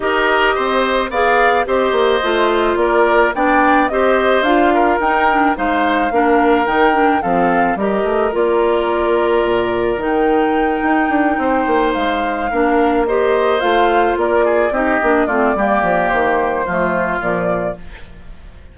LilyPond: <<
  \new Staff \with { instrumentName = "flute" } { \time 4/4 \tempo 4 = 108 dis''2 f''4 dis''4~ | dis''4 d''4 g''4 dis''4 | f''4 g''4 f''2 | g''4 f''4 dis''4 d''4~ |
d''2 g''2~ | g''4. f''2 dis''8~ | dis''8 f''4 d''4 dis''4 d''8~ | d''4 c''2 d''4 | }
  \new Staff \with { instrumentName = "oboe" } { \time 4/4 ais'4 c''4 d''4 c''4~ | c''4 ais'4 d''4 c''4~ | c''8 ais'4. c''4 ais'4~ | ais'4 a'4 ais'2~ |
ais'1~ | ais'8 c''2 ais'4 c''8~ | c''4. ais'8 gis'8 g'4 f'8 | g'2 f'2 | }
  \new Staff \with { instrumentName = "clarinet" } { \time 4/4 g'2 gis'4 g'4 | f'2 d'4 g'4 | f'4 dis'8 d'8 dis'4 d'4 | dis'8 d'8 c'4 g'4 f'4~ |
f'2 dis'2~ | dis'2~ dis'8 d'4 g'8~ | g'8 f'2 dis'8 d'8 c'8 | ais2 a4 f4 | }
  \new Staff \with { instrumentName = "bassoon" } { \time 4/4 dis'4 c'4 b4 c'8 ais8 | a4 ais4 b4 c'4 | d'4 dis'4 gis4 ais4 | dis4 f4 g8 a8 ais4~ |
ais4 ais,4 dis4. dis'8 | d'8 c'8 ais8 gis4 ais4.~ | ais8 a4 ais4 c'8 ais8 a8 | g8 f8 dis4 f4 ais,4 | }
>>